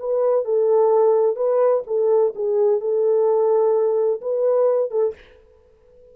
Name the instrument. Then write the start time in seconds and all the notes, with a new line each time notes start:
horn
0.00 B4
0.45 A4
1.37 B4
1.87 A4
2.35 G#4
2.81 A4
4.21 B4
4.91 A4